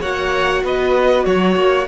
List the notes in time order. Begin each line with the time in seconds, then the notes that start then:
0.00 A#3 F#4 C#5 F#5
0.63 B3 B4 D#5
1.25 F#3 F#4 C#5
1.56 A#3